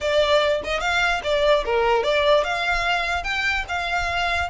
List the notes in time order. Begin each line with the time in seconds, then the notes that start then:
0.00 D5
0.64 D#5
0.80 F5
1.23 D5
1.65 A#4
2.03 D5
2.44 F5
3.23 G5
3.68 F5